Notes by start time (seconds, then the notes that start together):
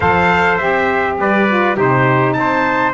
0.00 F3 A4 C5 F5
0.57 C4 G4 E5
1.19 G3 B4 D5
1.48 F4
1.75 C3 D#4 G4 C5
2.33 C4 A5
2.39 C5